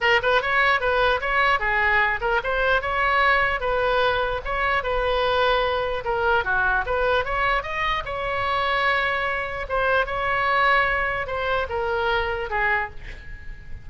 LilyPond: \new Staff \with { instrumentName = "oboe" } { \time 4/4 \tempo 4 = 149 ais'8 b'8 cis''4 b'4 cis''4 | gis'4. ais'8 c''4 cis''4~ | cis''4 b'2 cis''4 | b'2. ais'4 |
fis'4 b'4 cis''4 dis''4 | cis''1 | c''4 cis''2. | c''4 ais'2 gis'4 | }